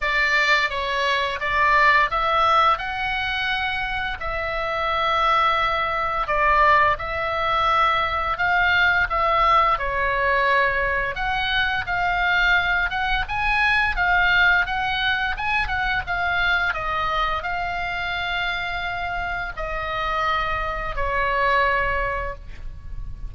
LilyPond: \new Staff \with { instrumentName = "oboe" } { \time 4/4 \tempo 4 = 86 d''4 cis''4 d''4 e''4 | fis''2 e''2~ | e''4 d''4 e''2 | f''4 e''4 cis''2 |
fis''4 f''4. fis''8 gis''4 | f''4 fis''4 gis''8 fis''8 f''4 | dis''4 f''2. | dis''2 cis''2 | }